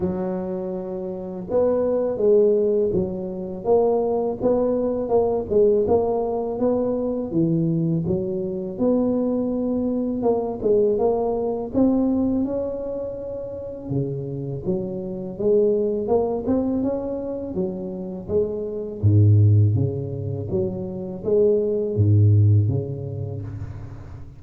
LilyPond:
\new Staff \with { instrumentName = "tuba" } { \time 4/4 \tempo 4 = 82 fis2 b4 gis4 | fis4 ais4 b4 ais8 gis8 | ais4 b4 e4 fis4 | b2 ais8 gis8 ais4 |
c'4 cis'2 cis4 | fis4 gis4 ais8 c'8 cis'4 | fis4 gis4 gis,4 cis4 | fis4 gis4 gis,4 cis4 | }